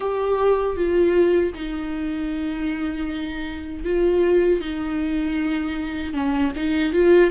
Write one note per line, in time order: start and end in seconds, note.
0.00 0.76 G4
0.76 1.53 F4
1.53 3.84 D#4
3.84 4.60 F4
4.60 6.13 D#4
6.13 6.52 C#4
6.56 6.92 D#4
6.92 7.30 F4